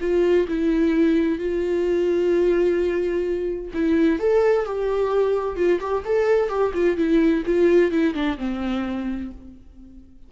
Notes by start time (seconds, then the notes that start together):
0.00 F4
0.48 E4
1.38 F4
3.73 E4
4.19 A4
4.65 G4
5.56 F4
5.80 G4
6.04 A4
6.48 G4
6.73 F4
6.97 E4
7.45 F4
7.91 E4
8.14 D4
8.37 C4